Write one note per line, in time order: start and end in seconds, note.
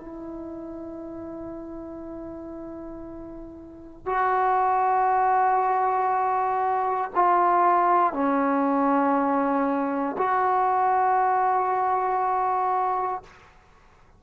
0.00 4.06 E4
4.06 7.11 F#4
7.15 8.14 F4
8.14 10.17 C#4
10.18 13.23 F#4